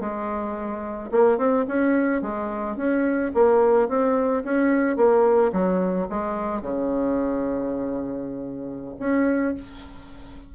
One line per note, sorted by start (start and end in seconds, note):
0.00 1.10 G#3
1.11 1.38 A#3
1.38 1.65 C4
1.68 2.22 C#4
2.22 2.76 G#3
2.76 3.32 C#4
3.34 3.88 A#3
3.88 4.43 C4
4.44 4.97 C#4
4.97 5.52 A#3
5.53 6.08 F#3
6.09 6.62 G#3
6.62 8.96 C#3
8.99 9.55 C#4